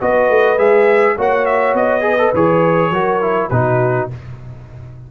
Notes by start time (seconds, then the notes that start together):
0.00 B3 F#4 B4 D#5
0.29 A3
0.57 G#3 G#4 E5
1.16 A#3 F#4 C#5 F#5
1.45 E5
1.73 B3 D#5
2.01 G#4 B4
2.18 A4
2.33 E3 G#4 C#5
2.90 F#3 F#4 A#4
3.21 E4
3.49 B2 D#4 F#4 B4